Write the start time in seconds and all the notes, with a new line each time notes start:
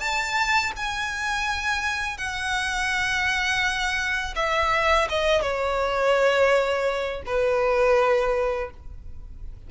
0.00 A5
0.77 G#5
2.18 F#5
4.36 E5
5.10 D#5
5.42 C#5
7.27 B4